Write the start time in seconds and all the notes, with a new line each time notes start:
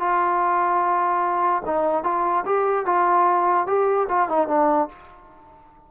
0.00 F4
1.66 D#4
2.04 F4
2.46 G4
2.86 F4
3.67 G4
4.09 F4
4.29 D#4
4.48 D4